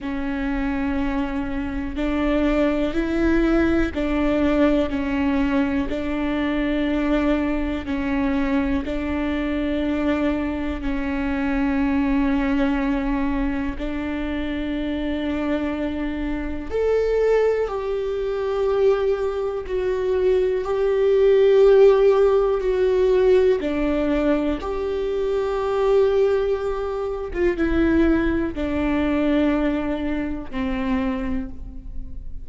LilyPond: \new Staff \with { instrumentName = "viola" } { \time 4/4 \tempo 4 = 61 cis'2 d'4 e'4 | d'4 cis'4 d'2 | cis'4 d'2 cis'4~ | cis'2 d'2~ |
d'4 a'4 g'2 | fis'4 g'2 fis'4 | d'4 g'2~ g'8. f'16 | e'4 d'2 c'4 | }